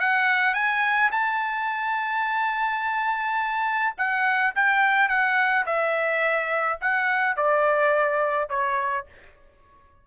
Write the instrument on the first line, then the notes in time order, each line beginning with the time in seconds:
trumpet
0.00 F#5
0.54 G#5
1.12 A5
3.98 F#5
4.56 G5
5.09 F#5
5.66 E5
6.81 F#5
7.36 D5
8.49 C#5